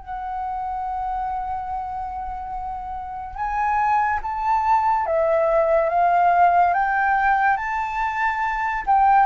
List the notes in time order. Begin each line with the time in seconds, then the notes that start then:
0.00 F#5
3.35 G#5
4.23 A5
5.06 E5
5.90 F5
6.74 G5
7.57 A5
8.87 G5